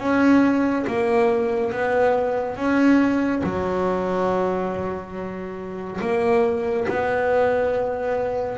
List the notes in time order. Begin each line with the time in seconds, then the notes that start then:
0.00 C#4
0.87 A#3
1.72 B3
2.57 C#4
3.44 F#3
6.02 A#3
6.88 B3